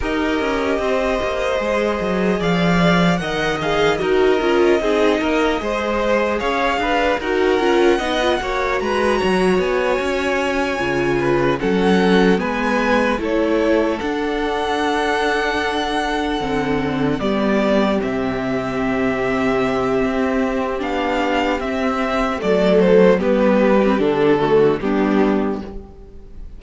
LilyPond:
<<
  \new Staff \with { instrumentName = "violin" } { \time 4/4 \tempo 4 = 75 dis''2. f''4 | fis''8 f''8 dis''2. | f''4 fis''2 ais''4 | gis''2~ gis''8 fis''4 gis''8~ |
gis''8 cis''4 fis''2~ fis''8~ | fis''4. d''4 e''4.~ | e''2 f''4 e''4 | d''8 c''8 b'4 a'4 g'4 | }
  \new Staff \with { instrumentName = "violin" } { \time 4/4 ais'4 c''2 d''4 | dis''4 ais'4 gis'8 ais'8 c''4 | cis''8 b'8 ais'4 dis''8 cis''8 b'8 cis''8~ | cis''2 b'8 a'4 b'8~ |
b'8 a'2.~ a'8~ | a'4. g'2~ g'8~ | g'1 | a'4 g'4. fis'8 d'4 | }
  \new Staff \with { instrumentName = "viola" } { \time 4/4 g'2 gis'2 | ais'8 gis'8 fis'8 f'8 dis'4 gis'4~ | gis'4 fis'8 f'8 dis'16 f'16 fis'4.~ | fis'4. f'4 cis'4 b8~ |
b8 e'4 d'2~ d'8~ | d'8 c'4 b4 c'4.~ | c'2 d'4 c'4 | a4 b8. c'16 d'8 a8 b4 | }
  \new Staff \with { instrumentName = "cello" } { \time 4/4 dis'8 cis'8 c'8 ais8 gis8 fis8 f4 | dis4 dis'8 cis'8 c'8 ais8 gis4 | cis'8 d'8 dis'8 cis'8 b8 ais8 gis8 fis8 | b8 cis'4 cis4 fis4 gis8~ |
gis8 a4 d'2~ d'8~ | d'8 d4 g4 c4.~ | c4 c'4 b4 c'4 | fis4 g4 d4 g4 | }
>>